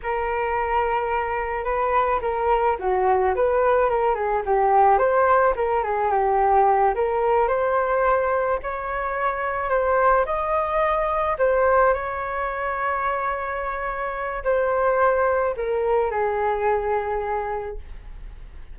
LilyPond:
\new Staff \with { instrumentName = "flute" } { \time 4/4 \tempo 4 = 108 ais'2. b'4 | ais'4 fis'4 b'4 ais'8 gis'8 | g'4 c''4 ais'8 gis'8 g'4~ | g'8 ais'4 c''2 cis''8~ |
cis''4. c''4 dis''4.~ | dis''8 c''4 cis''2~ cis''8~ | cis''2 c''2 | ais'4 gis'2. | }